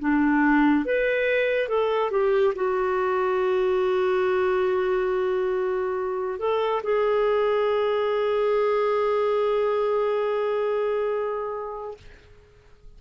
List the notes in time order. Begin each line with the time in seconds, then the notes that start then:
0.00 D4
0.85 B4
1.69 A4
2.11 G4
2.56 F#4
6.40 A4
6.83 G#4